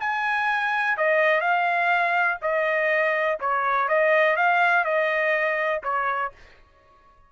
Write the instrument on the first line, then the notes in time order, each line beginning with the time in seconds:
trumpet
0.00 G#5
0.97 D#5
1.41 F5
2.41 D#5
3.40 C#5
3.88 D#5
4.37 F5
4.84 D#5
5.83 C#5